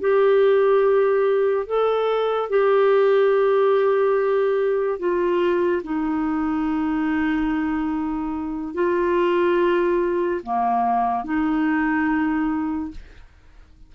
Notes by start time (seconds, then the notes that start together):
0.00 G4
1.66 A4
2.49 G4
4.98 F4
5.83 D#4
8.74 F4
10.42 A#3
11.24 D#4